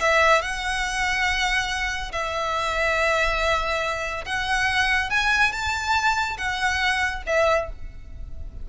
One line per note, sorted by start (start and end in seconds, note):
0.00 0.42 E5
0.42 2.12 F#5
2.12 4.25 E5
4.25 5.10 F#5
5.10 5.52 G#5
5.52 6.37 A5
6.38 7.23 F#5
7.26 7.69 E5